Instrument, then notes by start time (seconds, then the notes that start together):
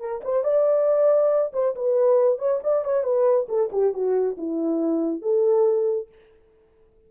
horn
0.00 A#4
0.24 C5
0.44 D5
1.53 C5
1.75 B4
2.39 C#5
2.64 D5
2.85 C#5
3.04 B4
3.49 A4
3.72 G4
3.93 F#4
4.37 E4
5.22 A4